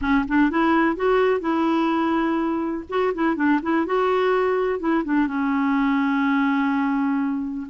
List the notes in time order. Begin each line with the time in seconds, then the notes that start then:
0.01 C#4
0.28 D4
0.50 E4
0.96 F#4
1.40 E4
2.89 F#4
3.14 E4
3.36 D4
3.62 E4
3.86 F#4
4.79 E4
5.04 D4
5.27 C#4